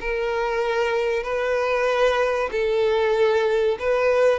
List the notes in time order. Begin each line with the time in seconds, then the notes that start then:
0.00 A#4
1.23 B4
2.51 A4
3.79 B4